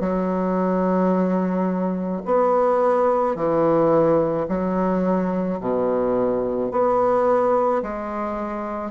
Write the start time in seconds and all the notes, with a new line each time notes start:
0.00 F#3
2.25 B3
3.35 E3
4.48 F#3
5.60 B2
6.71 B3
7.83 G#3